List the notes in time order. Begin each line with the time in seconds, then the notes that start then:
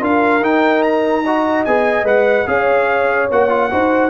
0.00 D4 F4 A#4 F5
0.41 D#4 G5
0.82 A#5
1.24 F#4 D#5
1.65 B3 G#4 G#5
2.04 G#3 B4 F#5
2.47 C#4 G#4 C#5 F5
3.31 A#3 F#4 F#5
3.49 F4
3.71 D#4 F#4 C5